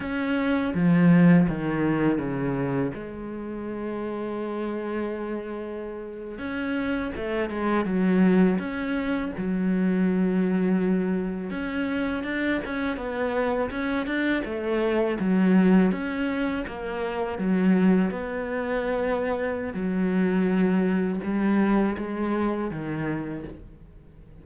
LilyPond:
\new Staff \with { instrumentName = "cello" } { \time 4/4 \tempo 4 = 82 cis'4 f4 dis4 cis4 | gis1~ | gis8. cis'4 a8 gis8 fis4 cis'16~ | cis'8. fis2. cis'16~ |
cis'8. d'8 cis'8 b4 cis'8 d'8 a16~ | a8. fis4 cis'4 ais4 fis16~ | fis8. b2~ b16 fis4~ | fis4 g4 gis4 dis4 | }